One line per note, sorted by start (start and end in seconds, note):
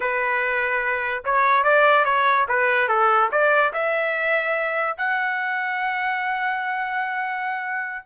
0.00 1.24 B4
1.24 1.63 C#5
1.63 2.05 D5
2.05 2.46 C#5
2.48 2.88 B4
2.88 3.30 A4
3.31 3.72 D5
3.73 4.97 E5
4.97 8.06 F#5